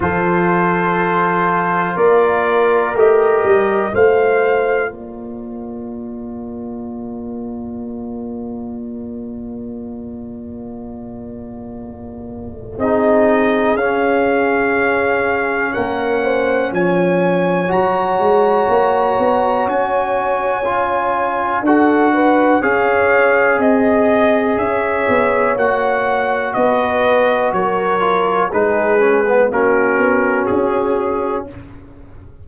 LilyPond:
<<
  \new Staff \with { instrumentName = "trumpet" } { \time 4/4 \tempo 4 = 61 c''2 d''4 dis''4 | f''4 d''2.~ | d''1~ | d''4 dis''4 f''2 |
fis''4 gis''4 ais''2 | gis''2 fis''4 f''4 | dis''4 e''4 fis''4 dis''4 | cis''4 b'4 ais'4 gis'4 | }
  \new Staff \with { instrumentName = "horn" } { \time 4/4 a'2 ais'2 | c''4 ais'2.~ | ais'1~ | ais'4 gis'2. |
ais'8 c''8 cis''2.~ | cis''2 a'8 b'8 cis''4 | dis''4 cis''2 b'4 | ais'4 gis'4 fis'2 | }
  \new Staff \with { instrumentName = "trombone" } { \time 4/4 f'2. g'4 | f'1~ | f'1~ | f'4 dis'4 cis'2~ |
cis'2 fis'2~ | fis'4 f'4 fis'4 gis'4~ | gis'2 fis'2~ | fis'8 f'8 dis'8 cis'16 b16 cis'2 | }
  \new Staff \with { instrumentName = "tuba" } { \time 4/4 f2 ais4 a8 g8 | a4 ais2.~ | ais1~ | ais4 c'4 cis'2 |
ais4 f4 fis8 gis8 ais8 b8 | cis'2 d'4 cis'4 | c'4 cis'8 b8 ais4 b4 | fis4 gis4 ais8 b8 cis'4 | }
>>